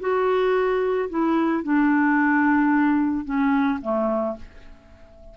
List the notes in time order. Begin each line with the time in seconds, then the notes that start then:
0.00 F#4
1.09 E4
1.63 D4
3.25 C#4
3.82 A3